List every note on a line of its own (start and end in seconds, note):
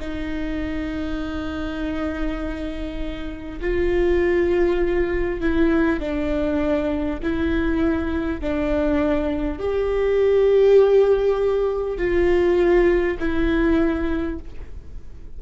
0.00 3.60 D#4
3.61 5.41 F4
5.41 6.00 E4
6.00 7.20 D4
7.23 8.41 E4
8.41 9.59 D4
9.59 11.98 G4
11.98 13.18 F4
13.19 14.39 E4